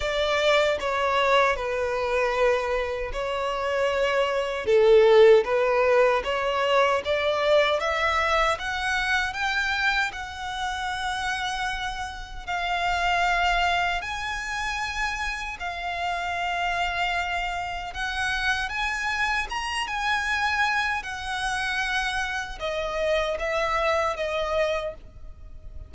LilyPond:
\new Staff \with { instrumentName = "violin" } { \time 4/4 \tempo 4 = 77 d''4 cis''4 b'2 | cis''2 a'4 b'4 | cis''4 d''4 e''4 fis''4 | g''4 fis''2. |
f''2 gis''2 | f''2. fis''4 | gis''4 ais''8 gis''4. fis''4~ | fis''4 dis''4 e''4 dis''4 | }